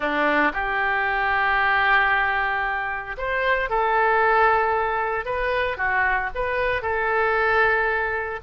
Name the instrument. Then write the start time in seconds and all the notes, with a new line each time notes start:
oboe
0.00 D4
0.53 G4
3.17 C5
3.69 A4
5.25 B4
5.77 F#4
6.34 B4
6.82 A4